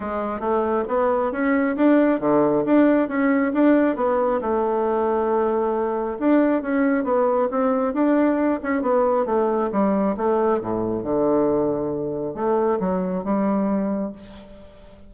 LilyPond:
\new Staff \with { instrumentName = "bassoon" } { \time 4/4 \tempo 4 = 136 gis4 a4 b4 cis'4 | d'4 d4 d'4 cis'4 | d'4 b4 a2~ | a2 d'4 cis'4 |
b4 c'4 d'4. cis'8 | b4 a4 g4 a4 | a,4 d2. | a4 fis4 g2 | }